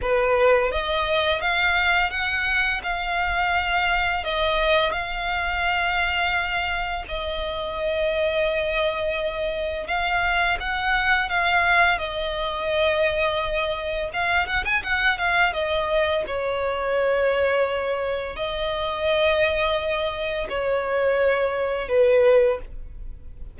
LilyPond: \new Staff \with { instrumentName = "violin" } { \time 4/4 \tempo 4 = 85 b'4 dis''4 f''4 fis''4 | f''2 dis''4 f''4~ | f''2 dis''2~ | dis''2 f''4 fis''4 |
f''4 dis''2. | f''8 fis''16 gis''16 fis''8 f''8 dis''4 cis''4~ | cis''2 dis''2~ | dis''4 cis''2 b'4 | }